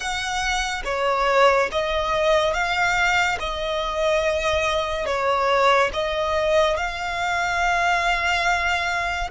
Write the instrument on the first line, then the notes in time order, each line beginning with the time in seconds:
violin
0.00 F#5
0.85 C#5
1.71 D#5
2.53 F5
3.39 D#5
5.06 C#5
5.93 D#5
6.76 F5